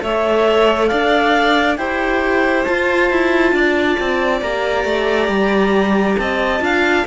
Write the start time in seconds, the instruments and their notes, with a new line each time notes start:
0.00 cello A3, viola A4, violin C#5, clarinet E5
0.87 cello D4, violin D5, clarinet F5
1.77 cello E4, viola G4, violin C5, clarinet G5
2.64 viola F4, cello F4, clarinet A5
3.11 cello E4
3.52 cello D4, violin D5
4.00 cello C4
4.42 cello A#3, viola G4, clarinet A#5
4.85 cello A3
5.28 cello G3
6.18 cello C4, violin D#5, clarinet A5
6.60 cello D4, viola F4, violin F5